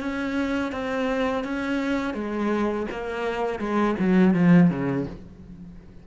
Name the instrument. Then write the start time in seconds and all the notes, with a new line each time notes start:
cello
0.00 C#4
0.72 C4
1.44 C#4
2.14 G#3
2.91 A#3
3.59 G#3
3.99 F#3
4.34 F3
4.70 C#3